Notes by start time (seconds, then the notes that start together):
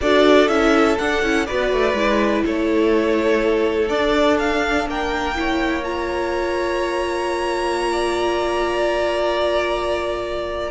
0.01 D4 F#4 A4 D5
0.48 C#4 E4 E5
0.98 D4 F#5
1.22 C#4 E4
1.46 B3 F#4 B4 D5
1.72 A3
1.93 G#3 E4
2.45 A3 A4 C#5
3.88 D4 D5
4.38 F5
4.86 A#3 A#4 G5
5.35 E4 C#5
5.84 F4 A#5
7.91 D5